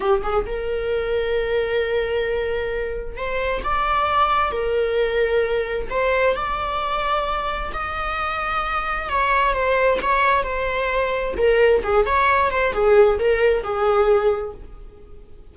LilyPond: \new Staff \with { instrumentName = "viola" } { \time 4/4 \tempo 4 = 132 g'8 gis'8 ais'2.~ | ais'2. c''4 | d''2 ais'2~ | ais'4 c''4 d''2~ |
d''4 dis''2. | cis''4 c''4 cis''4 c''4~ | c''4 ais'4 gis'8 cis''4 c''8 | gis'4 ais'4 gis'2 | }